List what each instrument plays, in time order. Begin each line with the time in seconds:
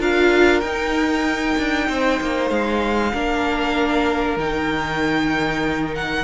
0.00 cello D4, viola F4, violin A#4 F5
0.61 cello D#4, viola D#4, violin G5
1.58 cello D4
1.89 cello C4, violin C5
2.21 cello A#3
2.51 cello G#3, violin F5
3.13 cello A#3, viola D4, violin A#4
4.37 cello D#3, viola D#4, violin G5
5.96 violin F#5